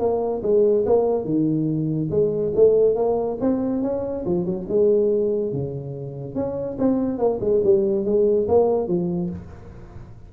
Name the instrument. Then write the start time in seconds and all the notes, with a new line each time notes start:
tuba
0.00 A#3
0.43 G#3
0.86 A#3
1.25 D#3
2.11 G#3
2.56 A3
2.96 A#3
3.41 C4
3.83 C#4
4.26 F3
4.46 F#3
4.69 G#3
5.53 C#3
6.35 C#4
6.79 C4
7.19 A#3
7.41 G#3
7.64 G3
8.06 G#3
8.49 A#3
8.88 F3